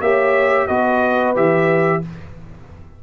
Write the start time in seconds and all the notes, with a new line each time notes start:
0.00 A#3 G4 C#5 E5
0.67 B3 F#4 B4 D#5
1.35 E3 G4 E5